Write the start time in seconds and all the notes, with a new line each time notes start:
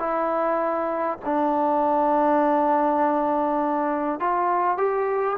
0.00 E4
1.25 D4
4.20 F4
4.78 G4